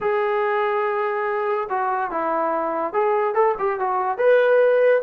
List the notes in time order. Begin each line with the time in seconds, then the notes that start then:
0.00 G#4
1.69 F#4
2.11 E4
2.93 G#4
3.34 A4
3.58 G4
3.79 F#4
4.18 B4